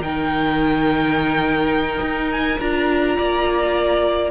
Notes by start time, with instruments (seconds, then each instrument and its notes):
0.00 cello D#3, viola D#4, violin A#4 G5
2.01 cello D#4
2.32 violin G#5
2.60 cello D4, viola F4, violin A#5
3.17 cello A#3, violin D5